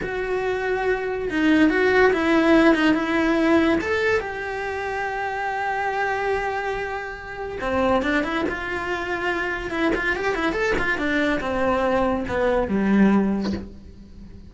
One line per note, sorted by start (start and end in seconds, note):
0.02 1.29 F#4
1.30 1.69 D#4
1.69 2.11 F#4
2.12 2.74 E4
2.74 2.94 D#4
2.94 3.78 E4
3.80 4.19 A4
4.19 7.57 G4
7.61 8.02 C4
8.02 8.23 D4
8.23 8.44 E4
8.48 9.70 F4
9.70 9.92 E4
9.95 10.15 F4
10.15 10.34 G4
10.34 10.52 E4
10.52 10.73 A4
10.78 10.97 F4
10.97 11.40 D4
11.40 12.24 C4
12.28 12.68 B3
12.68 13.52 G3